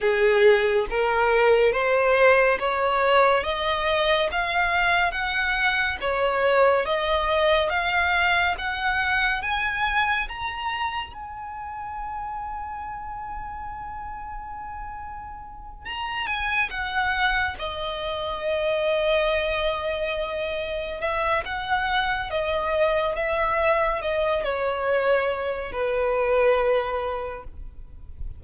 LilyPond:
\new Staff \with { instrumentName = "violin" } { \time 4/4 \tempo 4 = 70 gis'4 ais'4 c''4 cis''4 | dis''4 f''4 fis''4 cis''4 | dis''4 f''4 fis''4 gis''4 | ais''4 gis''2.~ |
gis''2~ gis''8 ais''8 gis''8 fis''8~ | fis''8 dis''2.~ dis''8~ | dis''8 e''8 fis''4 dis''4 e''4 | dis''8 cis''4. b'2 | }